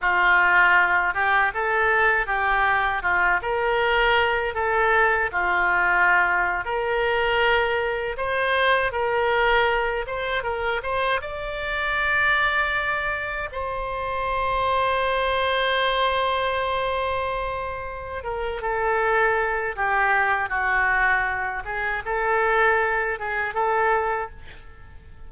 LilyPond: \new Staff \with { instrumentName = "oboe" } { \time 4/4 \tempo 4 = 79 f'4. g'8 a'4 g'4 | f'8 ais'4. a'4 f'4~ | f'8. ais'2 c''4 ais'16~ | ais'4~ ais'16 c''8 ais'8 c''8 d''4~ d''16~ |
d''4.~ d''16 c''2~ c''16~ | c''1 | ais'8 a'4. g'4 fis'4~ | fis'8 gis'8 a'4. gis'8 a'4 | }